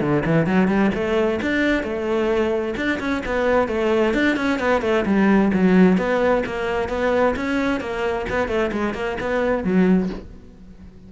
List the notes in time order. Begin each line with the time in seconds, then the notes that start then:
0.00 D3
0.25 E3
0.46 F#3
0.67 G3
0.94 A3
1.42 D4
1.83 A3
2.76 D4
2.99 C#4
3.25 B3
3.68 A3
4.14 D4
4.36 C#4
4.59 B3
4.81 A3
5.05 G3
5.53 F#3
5.97 B3
6.46 A#3
6.89 B3
7.36 C#4
7.80 A#3
8.29 B3
8.48 A3
8.72 G#3
8.94 A#3
9.20 B3
9.64 F#3